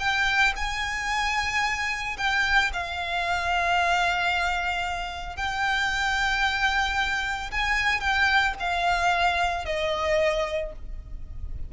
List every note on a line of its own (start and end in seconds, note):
0.00 0.54 G5
0.56 2.17 G#5
2.18 2.71 G5
2.73 5.37 F5
5.37 7.51 G5
7.51 8.00 G#5
8.00 8.54 G5
8.60 9.66 F5
9.66 10.73 D#5